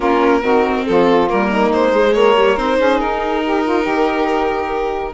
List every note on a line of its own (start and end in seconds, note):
0.00 0.42 A#3
0.00 0.41 C#4
0.00 0.40 F4
0.00 0.86 A#4
0.42 0.85 D#3
0.42 1.27 C4
0.42 0.85 F#4
0.86 1.31 F3
0.86 1.48 F4
0.86 1.28 A4
1.28 1.70 G3
1.28 1.92 A#3
1.28 1.72 A#4
1.48 2.12 D#4
1.70 2.13 G#3
1.70 2.13 C5
1.92 2.35 G#3
2.13 2.57 A#3
2.13 2.78 A#4
2.13 2.56 C#5
2.36 2.57 G3
2.57 2.78 C4
2.57 5.13 D#4
2.57 2.99 C5
2.78 3.00 C#4
2.78 3.42 G#4
2.99 3.86 D#4
2.99 5.13 A#4
3.43 3.63 G4
3.63 3.82 F4
3.82 5.13 D#3
3.82 5.11 G4